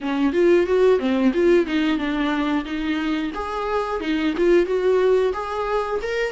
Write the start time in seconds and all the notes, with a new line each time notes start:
0.00 C#4
0.32 F4
0.66 F#4
0.99 C4
1.33 F4
1.66 D#4
1.98 D4
2.65 D#4
3.34 G#4
4.00 D#4
4.37 F4
4.65 F#4
5.33 G#4
6.02 A#4